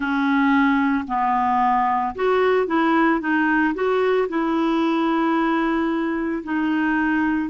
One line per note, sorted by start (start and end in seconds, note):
0.00 1.05 C#4
1.07 2.14 B3
2.15 2.66 F#4
2.66 3.20 E4
3.20 3.74 D#4
3.74 4.28 F#4
4.29 6.43 E4
6.43 7.50 D#4